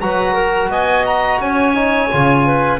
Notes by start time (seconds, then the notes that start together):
0.00 F#3 F#4 B4 A#5
0.34 A#4
0.69 B3 D#5 G#5
1.06 A#5
1.39 C#4 C#5 G#5
1.74 D#4
2.10 C#3 F4
2.46 B4